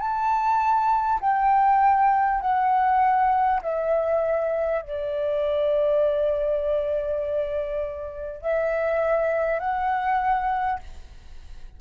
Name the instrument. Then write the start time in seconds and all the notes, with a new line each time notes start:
flute
0.00 A5
1.21 G5
2.41 F#5
3.63 E5
4.82 D5
8.42 E5
9.59 F#5